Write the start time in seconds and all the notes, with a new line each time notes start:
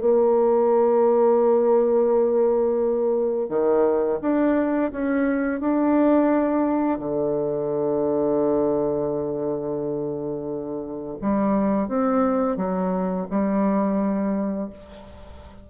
0.00 A#3
3.49 D#3
4.21 D4
4.92 C#4
5.60 D4
6.99 D3
11.21 G3
11.88 C4
12.57 F#3
13.30 G3